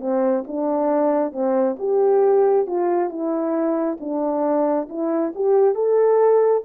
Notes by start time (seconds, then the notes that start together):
0.00 C4
0.47 D4
1.32 C4
1.79 G4
2.67 F4
3.10 E4
4.00 D4
4.89 E4
5.35 G4
5.75 A4